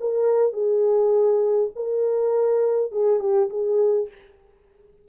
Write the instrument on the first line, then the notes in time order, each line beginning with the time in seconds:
horn
0.00 A#4
0.53 G#4
1.76 A#4
2.92 G#4
3.20 G4
3.50 G#4